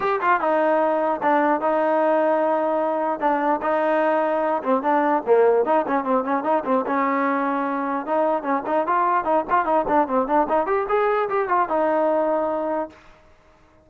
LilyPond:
\new Staff \with { instrumentName = "trombone" } { \time 4/4 \tempo 4 = 149 g'8 f'8 dis'2 d'4 | dis'1 | d'4 dis'2~ dis'8 c'8 | d'4 ais4 dis'8 cis'8 c'8 cis'8 |
dis'8 c'8 cis'2. | dis'4 cis'8 dis'8 f'4 dis'8 f'8 | dis'8 d'8 c'8 d'8 dis'8 g'8 gis'4 | g'8 f'8 dis'2. | }